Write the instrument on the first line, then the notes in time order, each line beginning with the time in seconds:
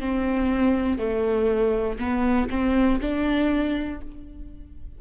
viola
0.00 C4
0.98 A3
1.99 B3
2.50 C4
3.01 D4